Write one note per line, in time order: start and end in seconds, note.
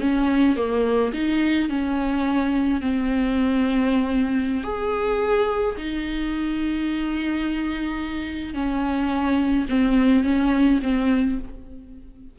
0.00 0.56 C#4
0.56 1.12 A#3
1.13 1.69 D#4
1.69 2.81 C#4
2.81 4.63 C4
4.63 5.76 G#4
5.77 8.54 D#4
8.54 9.66 C#4
9.69 10.24 C4
10.24 10.80 C#4
10.82 11.38 C4